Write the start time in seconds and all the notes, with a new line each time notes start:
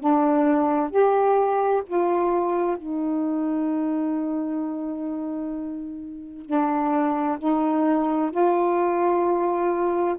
0.00 D4
0.90 G4
1.87 F4
2.77 D#4
6.46 D4
7.38 D#4
8.31 F4